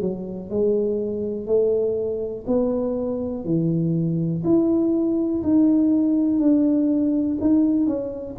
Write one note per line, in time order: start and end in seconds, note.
0.00 0.49 F#3
0.50 1.46 G#3
1.46 2.45 A3
2.47 3.44 B3
3.44 4.43 E3
4.44 5.42 E4
5.42 6.39 D#4
6.39 7.37 D4
7.40 7.86 D#4
7.86 8.35 C#4